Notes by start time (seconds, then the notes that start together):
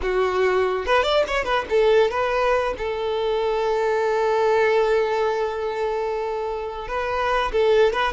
0.02 F#4
0.85 B4
1.02 D5
1.27 C#5
1.44 B4
1.69 A4
2.10 B4
2.77 A4
6.88 B4
7.52 A4
7.92 B4